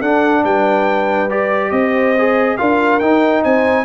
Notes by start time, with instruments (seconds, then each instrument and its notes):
0.00 tuba D4, trombone D4, horn A4, trumpet F#5
0.43 tuba G3, horn B4, trumpet G5
1.29 trombone G4, trumpet D5
1.71 tuba C4, horn C5, trumpet D#5
2.18 trombone G#4
2.57 tuba D4, trombone F4, horn A#4, trumpet F5
2.99 tuba D#4, trombone D#4, trumpet G5
3.43 tuba C4, horn C5, trumpet G#5